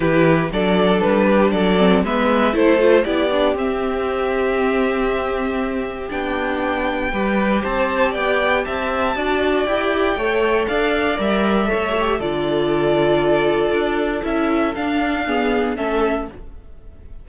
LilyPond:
<<
  \new Staff \with { instrumentName = "violin" } { \time 4/4 \tempo 4 = 118 b'4 d''4 b'4 d''4 | e''4 c''4 d''4 e''4~ | e''1 | g''2. a''4 |
g''4 a''2 g''4~ | g''4 f''4 e''2 | d''1 | e''4 f''2 e''4 | }
  \new Staff \with { instrumentName = "violin" } { \time 4/4 g'4 a'4. g'8 a'4 | b'4 a'4 g'2~ | g'1~ | g'2 b'4 c''4 |
d''4 e''4 d''2 | cis''4 d''2 cis''4 | a'1~ | a'2 gis'4 a'4 | }
  \new Staff \with { instrumentName = "viola" } { \time 4/4 e'4 d'2~ d'8 c'8 | b4 e'8 f'8 e'8 d'8 c'4~ | c'1 | d'2 g'2~ |
g'2 fis'4 g'4 | a'2 ais'4 a'8 g'8 | f'1 | e'4 d'4 b4 cis'4 | }
  \new Staff \with { instrumentName = "cello" } { \time 4/4 e4 fis4 g4 fis4 | gis4 a4 b4 c'4~ | c'1 | b2 g4 c'4 |
b4 c'4 d'4 e'4 | a4 d'4 g4 a4 | d2. d'4 | cis'4 d'2 a4 | }
>>